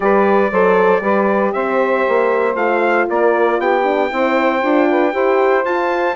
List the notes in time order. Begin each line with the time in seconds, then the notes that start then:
0.00 G3 G4 B4 D5
0.51 F#3 A4 C5
1.00 G3 G4 B4
1.52 C4 C5 E5
2.08 A#3
2.54 A3 F4 F5
3.08 A#3 A#4 D5
3.58 B3 G4 G5
3.83 D4
4.09 C4 E4 C5
4.62 D4 F4
4.88 B4
5.12 E4 G4 C5
5.64 F4 A5